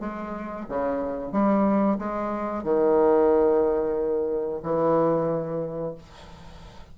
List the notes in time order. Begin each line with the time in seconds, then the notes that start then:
0.00 G#3
0.69 C#3
1.32 G3
1.98 G#3
2.64 D#3
4.63 E3